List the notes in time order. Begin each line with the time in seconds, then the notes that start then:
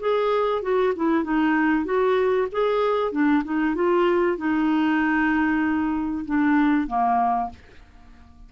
0.00 G#4
0.62 F#4
0.96 E4
1.24 D#4
1.86 F#4
2.52 G#4
3.12 D4
3.45 D#4
3.76 F4
4.38 D#4
6.26 D4
6.88 A#3